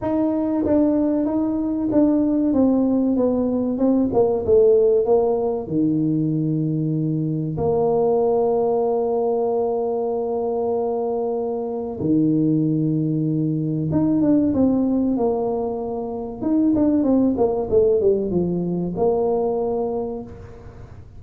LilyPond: \new Staff \with { instrumentName = "tuba" } { \time 4/4 \tempo 4 = 95 dis'4 d'4 dis'4 d'4 | c'4 b4 c'8 ais8 a4 | ais4 dis2. | ais1~ |
ais2. dis4~ | dis2 dis'8 d'8 c'4 | ais2 dis'8 d'8 c'8 ais8 | a8 g8 f4 ais2 | }